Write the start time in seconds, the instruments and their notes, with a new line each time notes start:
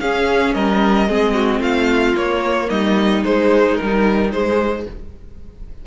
0.00 viola C#4, cello C#4, violin G#4 F5
0.53 cello G3, violin A#4 D#5
1.08 cello G#3, viola C4, violin G#4
1.34 violin F#4
1.60 cello A3, violin F4 F5
2.15 cello A#3, viola A#3, violin C#5
2.68 cello G3, violin D#4 D#5
3.24 viola G#3, cello G#3, violin C5
3.76 viola D#3, cello G3, violin A#4
4.32 cello G#3, viola G#3, violin C5